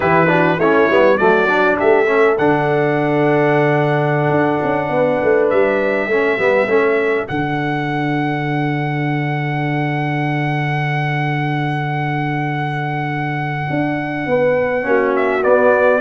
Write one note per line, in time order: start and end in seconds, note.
0.00 0.58 E3
0.00 0.27 E4
0.00 0.30 G4
0.00 0.59 B4
0.27 0.57 D4
0.27 0.58 F#4
0.58 0.87 A3
0.58 0.91 C#4
0.58 1.17 E4
0.58 1.17 C#5
0.89 1.19 G3
0.89 1.19 B3
1.17 1.80 F#3
1.17 1.47 A3
1.17 1.78 F#4
1.17 1.76 D5
1.47 2.06 D4
1.78 2.38 A3
1.78 2.08 G4
1.78 2.37 E5
2.06 2.36 C#4
2.06 4.90 A4
2.37 4.29 D3
2.37 6.10 D4
2.37 5.49 F#5
4.29 4.59 D4
4.63 4.89 C#4
4.89 5.19 B3
4.89 6.09 B4
5.23 5.51 A3
5.49 6.07 G3
5.49 7.27 E5
6.07 6.37 A3
6.07 6.38 C#4
6.07 14.26 A4
6.38 6.66 G3
6.38 6.68 B3
6.66 7.25 A3
6.66 7.27 C#4
7.27 13.68 D3
7.27 14.83 D4
7.27 15.15 F#5
13.70 14.26 D4
14.26 14.84 B3
14.26 14.86 B4
14.83 15.44 A#3
14.83 15.42 C#4
14.83 16.00 F#4
15.15 15.43 E5
15.43 16.00 B3
15.43 16.00 D5